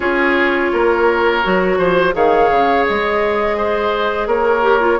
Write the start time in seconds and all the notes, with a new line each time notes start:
0.00 C#4 F4 G#4 C#5
0.72 A#3 A#4
1.43 F#3 F#4
1.78 F3 C5
2.12 D#3 G#4 C#5 F5
2.51 C#3
2.87 G#3 D#5
3.57 C5
4.26 A#3 A#4 C#5
4.62 G4
4.80 F4